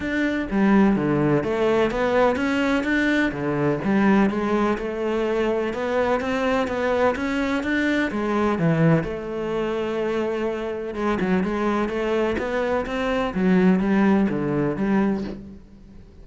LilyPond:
\new Staff \with { instrumentName = "cello" } { \time 4/4 \tempo 4 = 126 d'4 g4 d4 a4 | b4 cis'4 d'4 d4 | g4 gis4 a2 | b4 c'4 b4 cis'4 |
d'4 gis4 e4 a4~ | a2. gis8 fis8 | gis4 a4 b4 c'4 | fis4 g4 d4 g4 | }